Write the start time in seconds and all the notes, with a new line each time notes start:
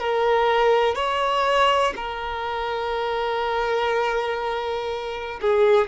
0.00 A#4
0.96 C#5
1.96 A#4
5.41 G#4